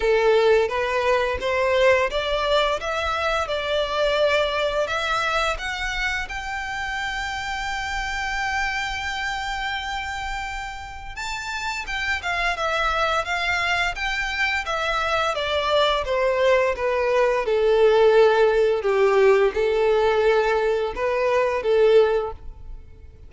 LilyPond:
\new Staff \with { instrumentName = "violin" } { \time 4/4 \tempo 4 = 86 a'4 b'4 c''4 d''4 | e''4 d''2 e''4 | fis''4 g''2.~ | g''1 |
a''4 g''8 f''8 e''4 f''4 | g''4 e''4 d''4 c''4 | b'4 a'2 g'4 | a'2 b'4 a'4 | }